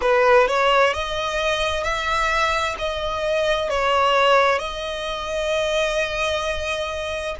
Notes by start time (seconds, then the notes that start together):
0.01 B4
0.47 C#5
0.93 D#5
1.83 E5
2.78 D#5
3.69 C#5
4.58 D#5